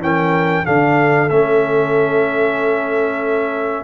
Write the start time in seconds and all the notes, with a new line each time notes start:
0.00 E3 C#4 A#4 G5
0.65 D3 D4 A4 F5
1.30 A3 C#4 E5